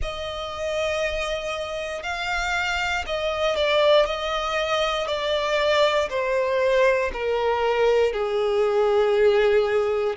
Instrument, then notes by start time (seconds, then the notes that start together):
violin
0.01 D#5
2.02 F5
3.06 D#5
3.55 D5
4.05 D#5
5.07 D5
6.09 C5
7.13 A#4
8.12 G#4